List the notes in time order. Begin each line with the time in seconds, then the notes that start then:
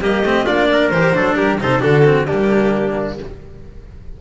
0.00 G3 A#3 G4 D#5
0.23 A3 C4
0.45 A#3 D4 F4 D5
0.72 A#4
0.90 E3 G4 C5
1.14 F#3 D4 A4
1.36 G3 G4 A#4
1.59 C3 D#4 A4 C5
1.80 D3 D4 F#4 A4
2.05 C4
2.26 G3 A#3 D4 G4